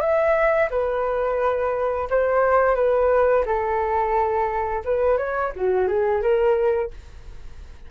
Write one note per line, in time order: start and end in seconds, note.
0.00 0.69 E5
0.71 2.08 B4
2.10 2.75 C5
2.75 3.44 B4
3.45 4.83 A4
4.85 5.18 B4
5.18 5.52 C#5
5.55 5.87 F#4
5.87 6.22 G#4
6.22 6.91 A#4